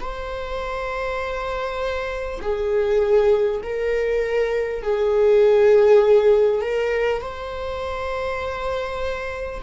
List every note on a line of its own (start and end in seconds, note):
0.00 2.40 C5
2.41 3.61 G#4
3.63 4.82 A#4
4.82 6.61 G#4
6.61 7.21 A#4
7.21 9.61 C5